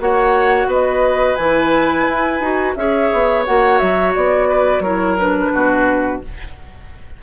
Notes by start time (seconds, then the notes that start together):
0.00 A#3 F#4 C#5 F#5
0.67 B3 B4 D#5
1.36 E3 E4 G#5
2.09 E4
2.41 D#4 F#4
2.76 C#4 G#4 C#5 E5
3.14 B3
3.46 A#3 F#4 F#5
3.79 F#3 E5
4.16 B3 D5
4.49 B4
4.80 F#3 E4 A#4 C#5
5.19 D4 B4
5.53 B2 F#4